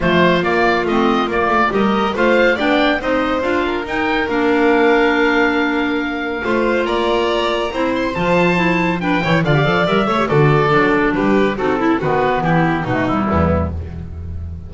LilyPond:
<<
  \new Staff \with { instrumentName = "oboe" } { \time 4/4 \tempo 4 = 140 c''4 d''4 dis''4 d''4 | dis''4 f''4 g''4 dis''4 | f''4 g''4 f''2~ | f''1 |
ais''2~ ais''8 c'''8 a''4~ | a''4 g''4 f''4 e''4 | d''2 b'4 a'4 | b'4 g'4 fis'8 e'4. | }
  \new Staff \with { instrumentName = "violin" } { \time 4/4 f'1 | ais'4 c''4 d''4 c''4~ | c''8 ais'2.~ ais'8~ | ais'2. c''4 |
d''2 c''2~ | c''4 b'8 cis''8 d''4. cis''8 | a'2 g'4 fis'8 e'8 | fis'4 e'4 dis'4 b4 | }
  \new Staff \with { instrumentName = "clarinet" } { \time 4/4 a4 ais4 c'4 ais4 | g'4 f'4 d'4 dis'4 | f'4 dis'4 d'2~ | d'2. f'4~ |
f'2 e'4 f'4 | e'4 d'8 e'8 f'16 g'16 a'8 ais'8 a'16 g'16 | fis'4 d'2 dis'8 e'8 | b2 a8 g4. | }
  \new Staff \with { instrumentName = "double bass" } { \time 4/4 f4 ais4 a4 ais8 a8 | g4 a4 b4 c'4 | d'4 dis'4 ais2~ | ais2. a4 |
ais2 c'4 f4~ | f4. e8 d8 f8 g8 a8 | d4 fis4 g4 c'4 | dis4 e4 b,4 e,4 | }
>>